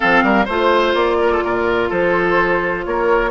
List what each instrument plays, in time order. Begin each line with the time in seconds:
0.00 bassoon F3, clarinet C4, oboe A4, flute F5
0.23 bassoon G3, oboe A#4
0.45 bassoon A3, clarinet F4, oboe C5, flute C5
0.94 bassoon A#3, flute D5
1.20 oboe A#4
1.31 oboe A4
1.43 bassoon A#2, oboe A#4
1.89 bassoon F3, oboe A4, flute C5
2.85 bassoon A#3, oboe A#4, flute C#5